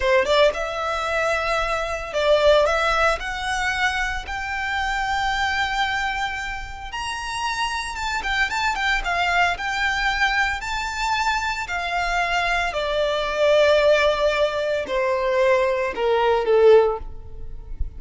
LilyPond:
\new Staff \with { instrumentName = "violin" } { \time 4/4 \tempo 4 = 113 c''8 d''8 e''2. | d''4 e''4 fis''2 | g''1~ | g''4 ais''2 a''8 g''8 |
a''8 g''8 f''4 g''2 | a''2 f''2 | d''1 | c''2 ais'4 a'4 | }